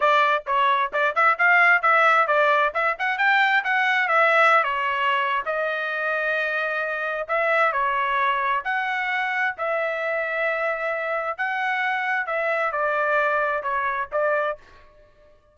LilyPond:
\new Staff \with { instrumentName = "trumpet" } { \time 4/4 \tempo 4 = 132 d''4 cis''4 d''8 e''8 f''4 | e''4 d''4 e''8 fis''8 g''4 | fis''4 e''4~ e''16 cis''4.~ cis''16 | dis''1 |
e''4 cis''2 fis''4~ | fis''4 e''2.~ | e''4 fis''2 e''4 | d''2 cis''4 d''4 | }